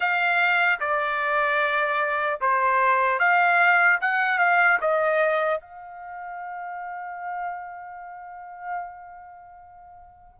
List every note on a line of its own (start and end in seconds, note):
0.00 0.79 F5
0.80 2.40 D5
2.40 3.19 C5
3.19 3.99 F5
4.00 4.38 F#5
4.38 4.78 F5
4.80 5.60 D#5
5.60 10.40 F5